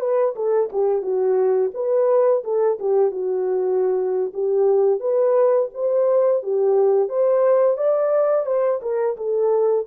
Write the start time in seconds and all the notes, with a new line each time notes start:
0.00 B4
0.35 A4
0.72 G4
1.02 F#4
1.74 B4
2.44 A4
2.79 G4
3.11 F#4
4.34 G4
5.00 B4
5.74 C5
6.43 G4
7.08 C5
7.77 D5
8.46 C5
8.82 A#4
9.17 A4